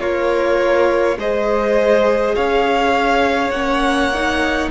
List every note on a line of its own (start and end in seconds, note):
0.00 1.17 A#3
0.00 1.18 F4
0.00 1.19 A#4
0.00 1.18 C#5
1.17 2.35 G#3
1.17 3.54 G#4
1.17 2.36 C5
1.17 2.36 D#5
2.36 3.51 C#4
2.36 4.71 C#5
2.36 3.51 F5
3.51 4.68 A#3
3.51 4.12 C#4
3.51 4.69 F#5
4.14 4.71 D#4